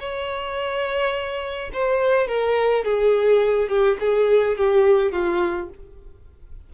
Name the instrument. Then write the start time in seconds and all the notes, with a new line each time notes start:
violin
0.00 C#5
1.74 C5
2.28 A#4
2.85 G#4
3.69 G4
4.01 G#4
4.57 G4
5.13 F4